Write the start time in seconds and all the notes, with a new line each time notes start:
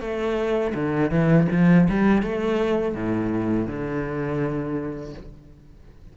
0.00 A3
0.74 D3
1.10 E3
1.51 F3
1.89 G3
2.22 A3
2.94 A2
3.67 D3